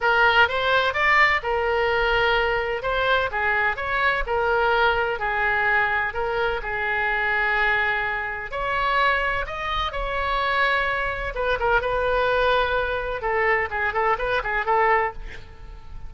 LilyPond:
\new Staff \with { instrumentName = "oboe" } { \time 4/4 \tempo 4 = 127 ais'4 c''4 d''4 ais'4~ | ais'2 c''4 gis'4 | cis''4 ais'2 gis'4~ | gis'4 ais'4 gis'2~ |
gis'2 cis''2 | dis''4 cis''2. | b'8 ais'8 b'2. | a'4 gis'8 a'8 b'8 gis'8 a'4 | }